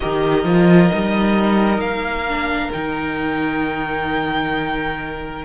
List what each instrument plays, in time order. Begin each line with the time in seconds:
0.00 cello D#3, viola G4, violin A#4 D#5
0.44 cello F3, viola F4
0.90 cello G3, viola D#4
1.78 cello A#3, violin F5
2.27 viola D4
2.72 cello D#3, viola D#4, violin G5